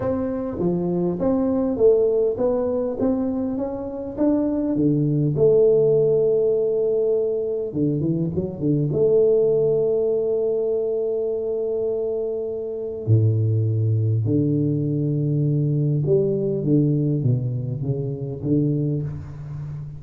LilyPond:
\new Staff \with { instrumentName = "tuba" } { \time 4/4 \tempo 4 = 101 c'4 f4 c'4 a4 | b4 c'4 cis'4 d'4 | d4 a2.~ | a4 d8 e8 fis8 d8 a4~ |
a1~ | a2 a,2 | d2. g4 | d4 b,4 cis4 d4 | }